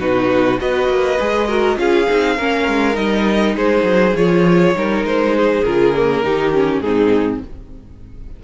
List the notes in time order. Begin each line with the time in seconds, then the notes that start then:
0.00 B2 D#4 F#4 B4
0.58 B3 F#4 B4 D#5
0.89 A#3
1.20 G#3 G#4
1.48 F#4 A#4
1.76 C#4 F4 G#4 F5
2.09 C4 D#4
2.37 A#3 C#4 A#4
2.68 G#3
2.94 G3 D#4 D#5
3.55 G#3 G#4 C5
3.83 F#3
4.16 F3 F4 C#5
4.75 G3 D#4 A#4
5.04 G#3 C5
5.37 G#4
5.64 C#3 F4 A#4
5.95 A#3
6.24 D#3 D#4 G4
6.53 C#4
6.80 G#2 C4 D#4 G#4